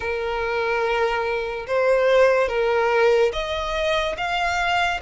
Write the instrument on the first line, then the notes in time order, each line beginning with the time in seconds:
violin
0.00 A#4
1.67 C5
2.48 A#4
3.32 D#5
4.17 F5